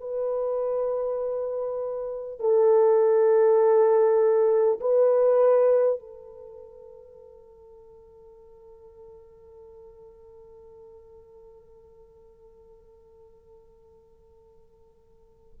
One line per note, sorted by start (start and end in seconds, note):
0.00 2.39 B4
2.39 4.79 A4
4.80 5.99 B4
5.99 15.59 A4